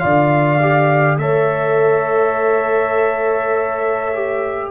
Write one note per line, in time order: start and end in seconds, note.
0.00 1.18 D3
0.00 0.59 F4
0.00 1.21 D5
0.00 1.18 F5
0.61 1.19 G4
1.18 4.71 A3
1.18 4.14 A4
1.18 4.71 C#5
1.18 4.71 E5
4.14 4.71 G4